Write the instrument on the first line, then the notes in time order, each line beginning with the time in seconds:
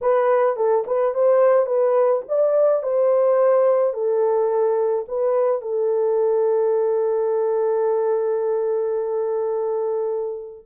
horn
0.01 B4
0.56 A4
0.86 B4
1.14 C5
1.66 B4
2.28 D5
2.82 C5
3.93 A4
5.07 B4
5.61 A4